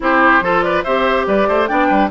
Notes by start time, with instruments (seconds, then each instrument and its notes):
0.00 bassoon C4, clarinet E4, oboe G4, flute C5
0.41 bassoon F3, clarinet F4, oboe A4
0.62 oboe B4, flute D5
0.83 bassoon C4, clarinet G4, oboe C5, flute E5
1.26 bassoon G3, oboe B4, flute D5
1.48 bassoon A3, oboe C5
1.67 bassoon B3, clarinet D4, oboe D5, flute G5
1.87 bassoon G3, oboe B4